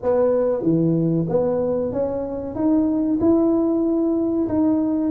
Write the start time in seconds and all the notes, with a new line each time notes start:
0.02 B3
0.62 E3
1.29 B3
1.92 C#4
2.55 D#4
3.20 E4
4.48 D#4